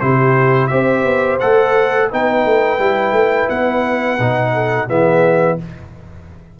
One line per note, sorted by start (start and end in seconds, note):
0.00 0.72 C3
0.00 0.70 E4
0.00 0.70 G4
0.00 0.67 C5
0.67 1.03 C4
0.67 1.40 G4
0.67 2.10 C5
0.67 1.37 E5
1.03 1.38 B3
1.40 2.12 A3
1.40 2.11 A4
1.40 2.09 F#5
2.11 2.45 B3
2.11 2.79 D#4
2.11 4.53 B4
2.11 3.49 G5
2.45 2.79 A3
2.79 3.12 G3
2.79 4.19 E4
3.12 3.47 A3
3.49 4.19 B3
3.49 4.89 F#5
4.19 4.89 B2
4.19 4.88 D#4
4.53 4.87 A4
4.87 5.60 E3
4.87 5.58 B3
4.87 5.57 G#4
4.87 5.59 E5